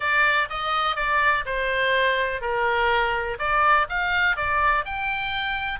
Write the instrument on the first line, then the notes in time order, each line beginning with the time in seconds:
oboe
0.00 D5
0.49 D#5
0.96 D5
1.45 C5
2.41 A#4
3.38 D5
3.89 F5
4.36 D5
4.85 G5